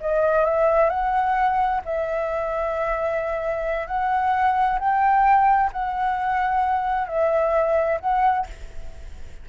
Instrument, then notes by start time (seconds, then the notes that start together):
flute
0.00 D#5
0.44 E5
0.89 F#5
1.85 E5
3.87 F#5
4.79 G5
5.72 F#5
7.07 E5
8.00 F#5